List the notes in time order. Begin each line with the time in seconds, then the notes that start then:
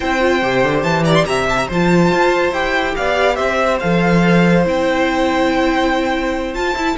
0.00 C4 E4 C5 G5
0.20 F4
0.42 C3 G4
0.63 D3
0.82 E3 A5
1.03 D5 A#5
1.14 C6
1.25 C3 E5 A#5
1.49 A5
1.57 A#5
1.67 F3 F4 C5 A5
2.11 F4
2.51 E4 G4 G5
2.96 B3 D5 F5
3.35 C4 C5 E5
3.79 F3 A4 F5
4.64 C4 E4 G5
6.54 F4 A5
6.75 E4